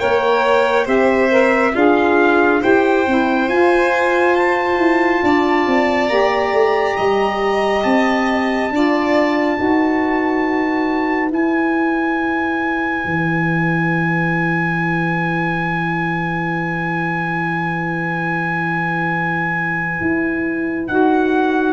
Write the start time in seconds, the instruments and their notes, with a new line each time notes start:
0.00 tuba A#3, saxophone A#4, violin C#5, trumpet G5
0.86 tuba C4, saxophone G4, violin C5, trumpet E5
1.31 saxophone A#4
1.74 tuba D4, violin F4, saxophone G#4, trumpet F5
2.61 tuba E4, saxophone G4, violin C5, trumpet G5
3.07 tuba C4, saxophone E4
3.48 tuba F4, saxophone F4, trumpet G#5
4.36 trumpet A5
4.78 tuba E4
5.23 tuba D4, violin D5
5.68 tuba C4
6.09 tuba A#3, saxophone G4, trumpet A#5
6.53 tuba A3
6.97 tuba G3, violin D#5
7.83 tuba C4, trumpet A5
8.71 tuba D4, saxophone F4, violin D5
9.58 tuba D#4, saxophone F#4, violin B4
11.31 tuba E4, saxophone E4, trumpet G#5
13.05 tuba E3
20.01 tuba E4
20.88 tuba D#4, saxophone F#4, trumpet F#5